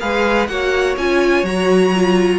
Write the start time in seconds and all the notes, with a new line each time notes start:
0.00 G#3 G#4 B4 F5
0.48 A#3 F#4 C#5 F#5
0.97 C#4 F4 G#5
1.43 F#3 F#4 A#5
1.95 F4